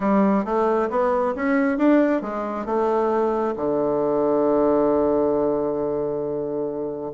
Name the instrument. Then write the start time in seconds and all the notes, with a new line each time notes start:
bassoon
0.00 G3
0.44 A3
0.90 B3
1.35 C#4
1.78 D4
2.21 G#3
2.65 A3
3.56 D3